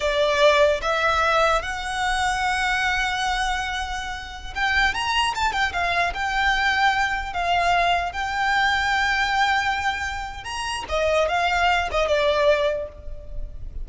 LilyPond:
\new Staff \with { instrumentName = "violin" } { \time 4/4 \tempo 4 = 149 d''2 e''2 | fis''1~ | fis''2.~ fis''16 g''8.~ | g''16 ais''4 a''8 g''8 f''4 g''8.~ |
g''2~ g''16 f''4.~ f''16~ | f''16 g''2.~ g''8.~ | g''2 ais''4 dis''4 | f''4. dis''8 d''2 | }